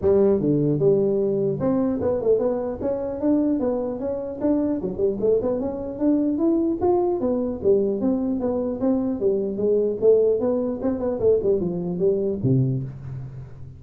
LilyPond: \new Staff \with { instrumentName = "tuba" } { \time 4/4 \tempo 4 = 150 g4 d4 g2 | c'4 b8 a8 b4 cis'4 | d'4 b4 cis'4 d'4 | fis8 g8 a8 b8 cis'4 d'4 |
e'4 f'4 b4 g4 | c'4 b4 c'4 g4 | gis4 a4 b4 c'8 b8 | a8 g8 f4 g4 c4 | }